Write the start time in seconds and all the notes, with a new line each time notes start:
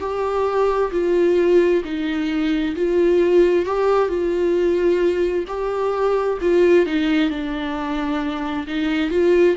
0.00 G4
0.91 F4
1.84 D#4
2.75 F4
3.65 G4
4.08 F4
5.48 G4
6.41 F4
6.86 D#4
7.30 D4
8.67 D#4
9.10 F4